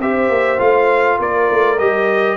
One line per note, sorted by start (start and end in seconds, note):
0.00 0.30 C4
0.00 0.59 G4
0.00 1.19 C5
0.00 0.60 E5
0.30 0.59 A#3
0.59 1.20 A3
0.59 1.78 F4
0.59 1.20 F5
1.19 1.50 A#3
1.19 2.37 A#4
1.19 1.79 D5
1.51 1.81 A3
1.79 2.37 G3
1.79 2.37 G4
1.79 2.37 D#5